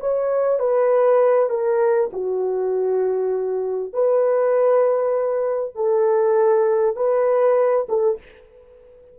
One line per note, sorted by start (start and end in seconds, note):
0.00 0.60 C#5
0.60 1.50 B4
1.50 2.10 A#4
2.13 3.93 F#4
3.93 5.75 B4
5.75 6.96 A4
6.96 7.87 B4
7.89 8.19 A4